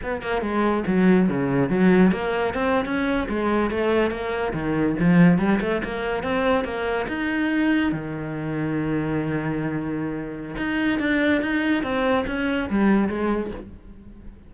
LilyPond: \new Staff \with { instrumentName = "cello" } { \time 4/4 \tempo 4 = 142 b8 ais8 gis4 fis4 cis4 | fis4 ais4 c'8. cis'4 gis16~ | gis8. a4 ais4 dis4 f16~ | f8. g8 a8 ais4 c'4 ais16~ |
ais8. dis'2 dis4~ dis16~ | dis1~ | dis4 dis'4 d'4 dis'4 | c'4 cis'4 g4 gis4 | }